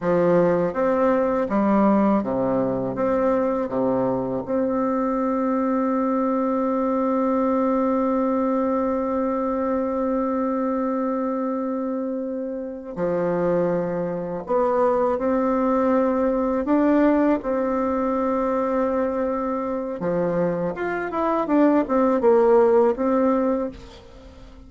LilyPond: \new Staff \with { instrumentName = "bassoon" } { \time 4/4 \tempo 4 = 81 f4 c'4 g4 c4 | c'4 c4 c'2~ | c'1~ | c'1~ |
c'4. f2 b8~ | b8 c'2 d'4 c'8~ | c'2. f4 | f'8 e'8 d'8 c'8 ais4 c'4 | }